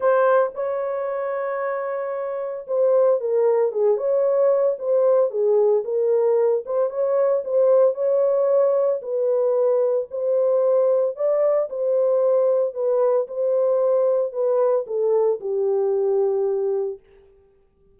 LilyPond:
\new Staff \with { instrumentName = "horn" } { \time 4/4 \tempo 4 = 113 c''4 cis''2.~ | cis''4 c''4 ais'4 gis'8 cis''8~ | cis''4 c''4 gis'4 ais'4~ | ais'8 c''8 cis''4 c''4 cis''4~ |
cis''4 b'2 c''4~ | c''4 d''4 c''2 | b'4 c''2 b'4 | a'4 g'2. | }